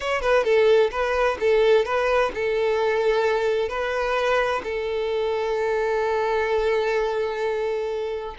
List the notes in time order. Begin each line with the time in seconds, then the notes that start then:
0.00 C#5
0.21 B4
0.43 A4
0.91 B4
1.40 A4
1.85 B4
2.34 A4
3.68 B4
4.63 A4